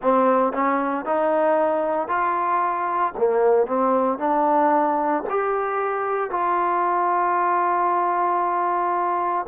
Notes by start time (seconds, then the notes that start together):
0.02 C4
0.53 C#4
1.05 D#4
2.08 F4
3.17 A#3
3.67 C4
4.18 D4
5.29 G4
6.30 F4